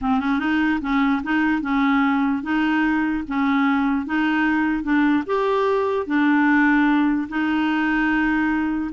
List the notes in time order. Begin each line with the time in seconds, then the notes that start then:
0.01 C4
0.20 C#4
0.39 D#4
0.81 C#4
1.23 D#4
1.61 C#4
2.42 D#4
3.27 C#4
4.06 D#4
4.83 D4
5.26 G4
6.06 D4
7.28 D#4